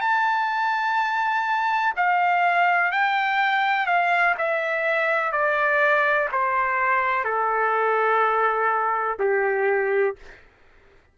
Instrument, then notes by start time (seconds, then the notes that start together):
trumpet
0.00 A5
1.96 F5
2.91 G5
3.86 F5
4.38 E5
5.32 D5
6.32 C5
7.24 A4
9.19 G4